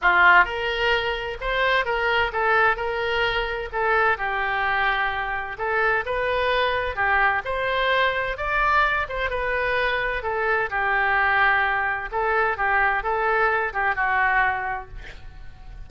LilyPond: \new Staff \with { instrumentName = "oboe" } { \time 4/4 \tempo 4 = 129 f'4 ais'2 c''4 | ais'4 a'4 ais'2 | a'4 g'2. | a'4 b'2 g'4 |
c''2 d''4. c''8 | b'2 a'4 g'4~ | g'2 a'4 g'4 | a'4. g'8 fis'2 | }